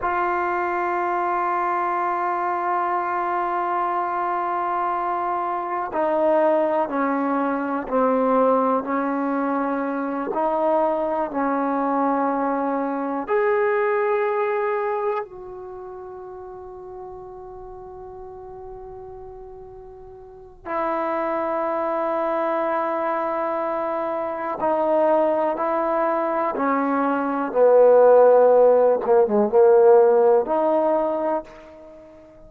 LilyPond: \new Staff \with { instrumentName = "trombone" } { \time 4/4 \tempo 4 = 61 f'1~ | f'2 dis'4 cis'4 | c'4 cis'4. dis'4 cis'8~ | cis'4. gis'2 fis'8~ |
fis'1~ | fis'4 e'2.~ | e'4 dis'4 e'4 cis'4 | b4. ais16 gis16 ais4 dis'4 | }